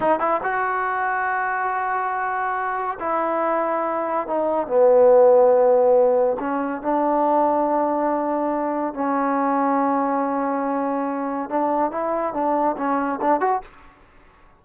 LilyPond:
\new Staff \with { instrumentName = "trombone" } { \time 4/4 \tempo 4 = 141 dis'8 e'8 fis'2.~ | fis'2. e'4~ | e'2 dis'4 b4~ | b2. cis'4 |
d'1~ | d'4 cis'2.~ | cis'2. d'4 | e'4 d'4 cis'4 d'8 fis'8 | }